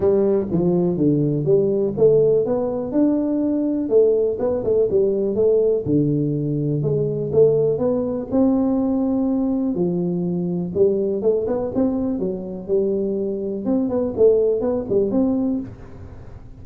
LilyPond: \new Staff \with { instrumentName = "tuba" } { \time 4/4 \tempo 4 = 123 g4 f4 d4 g4 | a4 b4 d'2 | a4 b8 a8 g4 a4 | d2 gis4 a4 |
b4 c'2. | f2 g4 a8 b8 | c'4 fis4 g2 | c'8 b8 a4 b8 g8 c'4 | }